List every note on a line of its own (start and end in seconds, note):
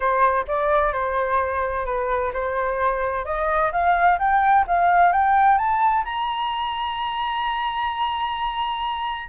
0.00 0.45 C5
0.47 0.92 D5
0.92 1.85 C5
1.85 2.32 B4
2.33 3.25 C5
3.25 3.71 D#5
3.71 4.18 F5
4.18 4.65 G5
4.67 5.12 F5
5.12 5.58 G5
5.58 6.04 A5
6.04 9.28 A#5